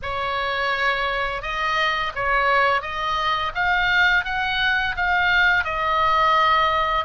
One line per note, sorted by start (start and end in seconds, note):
0.02 1.41 C#5
1.41 2.12 D#5
2.15 2.81 C#5
2.81 3.52 D#5
3.55 4.24 F5
4.24 4.95 F#5
4.96 5.64 F5
5.64 7.04 D#5